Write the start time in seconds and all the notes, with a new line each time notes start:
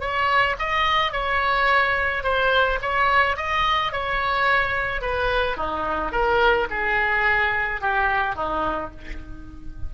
0.00 C#5
0.59 D#5
1.12 C#5
2.23 C5
2.82 C#5
3.37 D#5
3.92 C#5
5.01 B4
5.57 D#4
6.12 A#4
6.70 G#4
7.81 G4
8.35 D#4